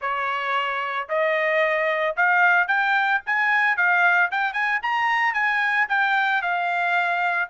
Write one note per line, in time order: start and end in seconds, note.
0.01 1.08 C#5
1.09 2.16 D#5
2.16 2.67 F5
2.67 3.21 G5
3.25 3.76 G#5
3.76 4.30 F5
4.31 4.53 G5
4.53 4.80 G#5
4.82 5.33 A#5
5.33 5.87 G#5
5.88 6.42 G5
6.42 7.49 F5